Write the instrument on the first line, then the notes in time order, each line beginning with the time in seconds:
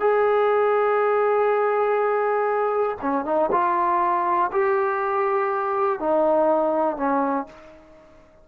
trombone
0.00 G#4
3.02 C#4
3.25 D#4
3.52 F4
4.52 G4
6.00 D#4
6.97 C#4